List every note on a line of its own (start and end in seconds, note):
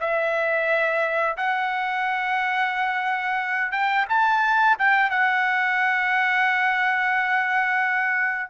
0.00 1.36 E5
1.37 3.72 F#5
3.72 4.06 G5
4.09 4.77 A5
4.78 5.10 G5
5.10 8.50 F#5